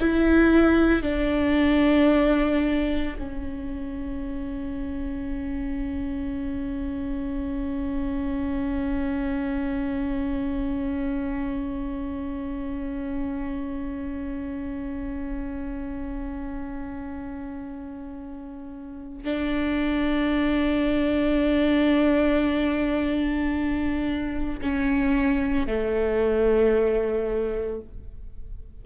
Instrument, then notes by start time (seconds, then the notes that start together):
viola
0.00 E4
1.02 D4
3.19 C#4
19.24 D4
24.61 C#4
25.67 A3